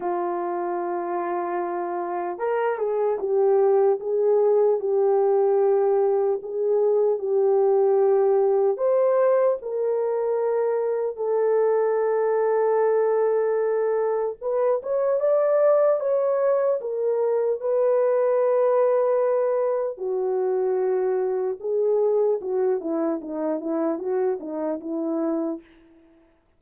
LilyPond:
\new Staff \with { instrumentName = "horn" } { \time 4/4 \tempo 4 = 75 f'2. ais'8 gis'8 | g'4 gis'4 g'2 | gis'4 g'2 c''4 | ais'2 a'2~ |
a'2 b'8 cis''8 d''4 | cis''4 ais'4 b'2~ | b'4 fis'2 gis'4 | fis'8 e'8 dis'8 e'8 fis'8 dis'8 e'4 | }